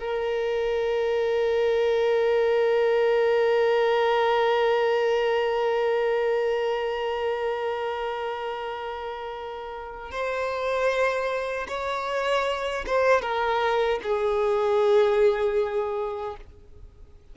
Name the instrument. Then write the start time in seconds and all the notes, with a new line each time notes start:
violin
0.00 A#4
10.12 C5
11.68 C#5
12.87 C5
13.22 A#4
14.03 G#4